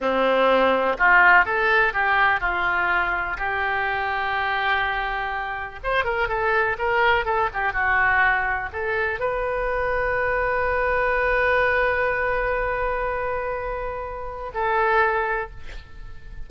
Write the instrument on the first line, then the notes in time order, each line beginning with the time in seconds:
oboe
0.00 C4
0.98 F4
1.45 A4
1.93 G4
2.40 F4
3.37 G4
5.83 C5
6.04 A#4
6.28 A4
6.78 A#4
7.25 A4
7.53 G4
7.73 F#4
8.72 A4
9.19 B4
14.53 A4